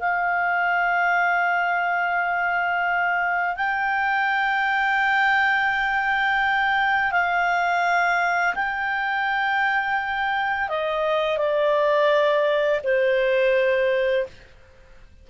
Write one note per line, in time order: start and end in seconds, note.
0.00 3.56 F5
3.56 7.12 G5
7.12 8.55 F5
8.55 10.69 G5
10.69 11.38 D#5
11.38 12.81 D5
12.83 14.26 C5